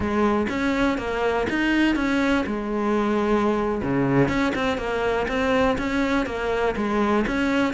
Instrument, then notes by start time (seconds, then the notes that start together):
cello
0.00 G#3
0.49 C#4
0.98 A#3
1.49 D#4
1.95 C#4
2.46 G#3
3.82 C#3
4.28 C#4
4.55 C4
4.77 A#3
5.28 C4
5.77 C#4
6.26 A#3
6.76 G#3
7.27 C#4